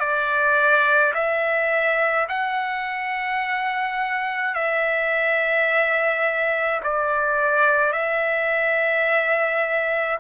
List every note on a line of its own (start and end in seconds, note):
0.00 1.13 D5
1.15 2.28 E5
2.29 4.55 F#5
4.55 6.81 E5
6.83 7.93 D5
7.93 10.19 E5